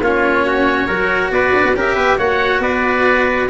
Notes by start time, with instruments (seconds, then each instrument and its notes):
0.00 tuba A#3, cello C#4, trumpet F4, oboe C#5
0.46 trumpet F#4
0.87 tuba F#3, cello F#4, trumpet A#4
1.30 tuba B3, trumpet B4, oboe D5
1.53 tuba D4
1.64 tuba B3
1.75 tuba C#4, cello G4, trumpet A#4, oboe E5
1.95 tuba B3, trumpet B4
2.18 tuba A#3, cello F#4, trumpet C#5, oboe F#5
2.59 tuba B3, trumpet B4, oboe D5